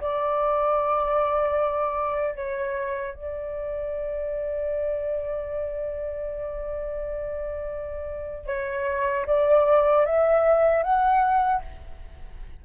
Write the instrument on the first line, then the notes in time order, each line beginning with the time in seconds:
flute
0.00 D5
2.35 C#5
3.14 D5
8.47 C#5
9.26 D5
10.05 E5
10.83 F#5